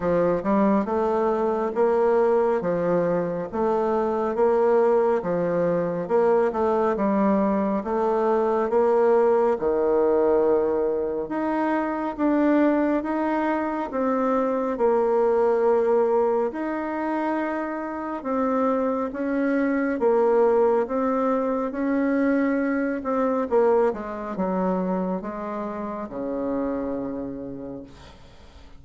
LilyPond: \new Staff \with { instrumentName = "bassoon" } { \time 4/4 \tempo 4 = 69 f8 g8 a4 ais4 f4 | a4 ais4 f4 ais8 a8 | g4 a4 ais4 dis4~ | dis4 dis'4 d'4 dis'4 |
c'4 ais2 dis'4~ | dis'4 c'4 cis'4 ais4 | c'4 cis'4. c'8 ais8 gis8 | fis4 gis4 cis2 | }